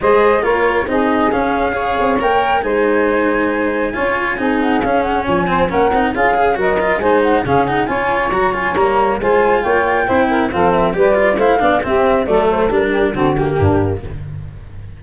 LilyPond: <<
  \new Staff \with { instrumentName = "flute" } { \time 4/4 \tempo 4 = 137 dis''4 cis''4 dis''4 f''4~ | f''4 g''4 gis''2~ | gis''2~ gis''8 fis''8 f''8 fis''8 | gis''4 fis''4 f''4 dis''4 |
gis''8 fis''8 f''8 fis''8 gis''4 ais''8 gis''8 | ais''4 gis''4 g''2 | f''8 e''8 d''4 f''4 e''4 | d''8 c''8 ais'4 a'8 g'4. | }
  \new Staff \with { instrumentName = "saxophone" } { \time 4/4 c''4 ais'4 gis'2 | cis''2 c''2~ | c''4 cis''4 gis'2 | cis''8 c''8 ais'4 gis'4 ais'4 |
c''4 gis'4 cis''2~ | cis''4 c''4 cis''4 c''8 ais'8 | a'4 b'4 c''8 d''8 g'4 | a'4. g'8 fis'4 d'4 | }
  \new Staff \with { instrumentName = "cello" } { \time 4/4 gis'4 f'4 dis'4 cis'4 | gis'4 ais'4 dis'2~ | dis'4 f'4 dis'4 cis'4~ | cis'8 c'8 cis'8 dis'8 f'8 gis'8 fis'8 f'8 |
dis'4 cis'8 dis'8 f'4 fis'8 f'8 | ais4 f'2 e'4 | c'4 g'8 f'8 e'8 d'8 c'4 | a4 d'4 c'8 ais4. | }
  \new Staff \with { instrumentName = "tuba" } { \time 4/4 gis4 ais4 c'4 cis'4~ | cis'8 c'8 ais4 gis2~ | gis4 cis'4 c'4 cis'4 | f4 ais8 c'8 cis'4 fis4 |
gis4 cis4 cis'4 fis4 | g4 gis4 ais4 c'4 | f4 g4 a8 b8 c'4 | fis4 g4 d4 g,4 | }
>>